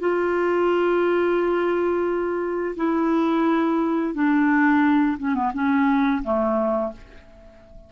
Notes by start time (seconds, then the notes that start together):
0.00 F4
2.76 E4
4.14 D4
5.18 C#4
5.35 B3
5.54 C#4
6.24 A3